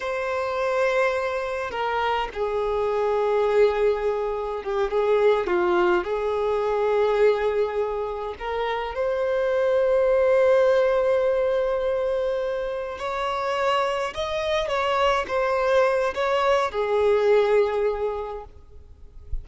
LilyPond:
\new Staff \with { instrumentName = "violin" } { \time 4/4 \tempo 4 = 104 c''2. ais'4 | gis'1 | g'8 gis'4 f'4 gis'4.~ | gis'2~ gis'8 ais'4 c''8~ |
c''1~ | c''2~ c''8 cis''4.~ | cis''8 dis''4 cis''4 c''4. | cis''4 gis'2. | }